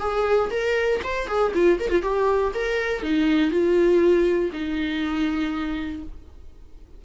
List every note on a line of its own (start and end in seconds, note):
0.00 0.50 G#4
0.51 1.01 A#4
1.04 1.27 C5
1.27 1.52 G#4
1.54 1.79 F4
1.80 1.90 A#4
1.90 2.02 F4
2.02 2.52 G4
2.55 3.02 A#4
3.02 3.51 D#4
3.51 4.51 F4
4.53 6.03 D#4